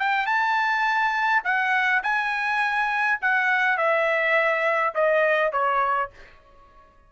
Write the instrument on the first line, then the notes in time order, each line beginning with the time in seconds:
trumpet
0.00 G5
0.26 A5
1.45 F#5
2.03 G#5
3.22 F#5
3.78 E5
4.95 D#5
5.53 C#5